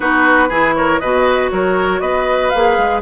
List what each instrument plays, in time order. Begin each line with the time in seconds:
0.00 bassoon B3, clarinet D#4, oboe F#4, flute B4
0.49 bassoon E3, clarinet E4, oboe G#4
0.75 oboe A#4, flute C#5
0.99 bassoon B2, clarinet F#4, oboe B4, flute D#5
1.50 bassoon F#3, oboe A#4, flute C#5
2.00 bassoon B3, oboe B4, flute D#5
2.49 bassoon A#3, clarinet G#4, flute F5
2.78 bassoon G#3